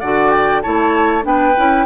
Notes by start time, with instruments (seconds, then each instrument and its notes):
0.00 bassoon D3, clarinet F#4, oboe D5, flute F#5
0.30 flute G5
0.61 bassoon A3, clarinet E4, oboe C#5, flute A5
1.22 bassoon B3, clarinet D4, oboe B4, flute G5
1.56 bassoon C#4, clarinet E4